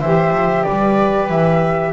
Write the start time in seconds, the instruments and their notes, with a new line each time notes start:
0.00 double bass E3, saxophone G4, viola C5, flute E5
0.30 double bass F3
0.63 double bass G3, viola B4, flute D5
1.29 double bass E3, flute E5